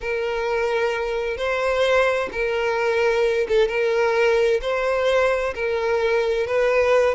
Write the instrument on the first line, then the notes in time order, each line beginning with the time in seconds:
violin
0.00 A#4
1.37 C5
2.31 A#4
3.48 A4
3.68 A#4
4.61 C5
5.54 A#4
6.47 B4